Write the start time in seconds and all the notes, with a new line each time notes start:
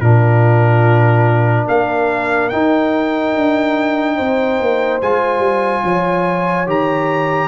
0.00 A#2 D4 F4 A#4
1.68 A#3 A#4 F5
2.49 D#4 G5
3.36 D4
4.16 C4 C5
4.60 A#3
5.01 G#3 F4 G#5
5.39 G3
5.84 F3 C#5
6.67 D#3 G4 A#5